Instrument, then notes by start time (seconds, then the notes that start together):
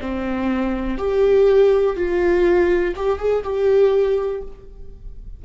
viola
0.00 C4
0.97 G4
1.96 F4
2.95 G4
3.18 G#4
3.43 G4